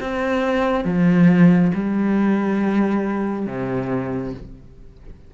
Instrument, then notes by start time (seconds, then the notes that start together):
cello
0.00 C4
0.84 F3
1.74 G3
3.46 C3